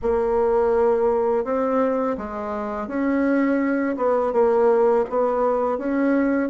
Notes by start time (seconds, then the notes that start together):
0.02 A#3
1.44 C4
2.17 G#3
2.87 C#4
3.97 B3
4.32 A#3
5.09 B3
5.78 C#4